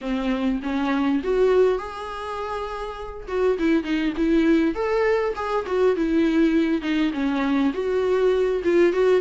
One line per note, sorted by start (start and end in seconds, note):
0.01 0.60 C4
0.62 1.22 C#4
1.23 1.78 F#4
1.78 3.27 G#4
3.27 3.57 F#4
3.59 3.83 E4
3.83 4.13 D#4
4.16 4.74 E4
4.74 5.34 A4
5.35 5.65 G#4
5.66 5.96 F#4
5.96 6.81 E4
6.81 7.11 D#4
7.13 7.72 C#4
7.73 8.62 F#4
8.64 8.92 F4
8.92 9.21 F#4